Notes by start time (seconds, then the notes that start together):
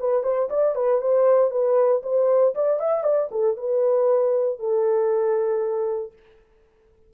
0.00 B4
0.24 C5
0.50 D5
0.76 B4
1.01 C5
1.51 B4
2.03 C5
2.55 D5
2.80 E5
3.04 D5
3.31 A4
3.57 B4
4.59 A4